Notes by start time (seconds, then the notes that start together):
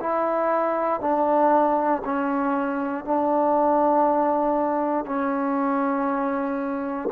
0.00 E4
1.01 D4
2.04 C#4
3.05 D4
5.05 C#4